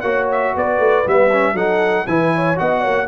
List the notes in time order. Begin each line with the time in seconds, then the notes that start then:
0.00 A#3 F#4 C#5 F#5
0.31 E5
0.54 B3 B4 D5
0.78 A3
1.04 G3 B3 E5
1.32 C#4
1.53 F#3 D#4 A4 F#5
2.07 E3 E4 B4 G#5
2.35 C#5
2.55 B3 F#4 D#5 F#5
2.81 A#3 C#5